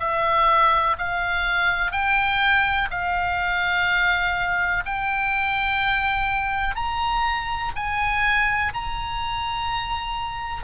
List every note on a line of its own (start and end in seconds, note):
0.00 0.97 E5
0.99 1.92 F5
1.92 2.89 G5
2.90 4.84 F5
4.86 6.75 G5
6.75 7.72 A#5
7.76 8.73 G#5
8.74 10.64 A#5